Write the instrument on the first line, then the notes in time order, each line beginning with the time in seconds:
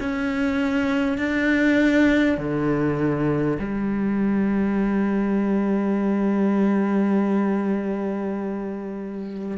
cello
0.00 C#4
1.18 D4
2.37 D3
3.59 G3